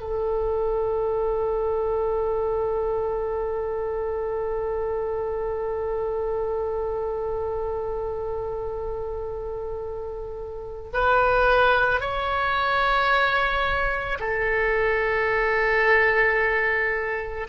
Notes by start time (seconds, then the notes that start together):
0.00 A4
10.93 B4
12.00 C#5
14.20 A4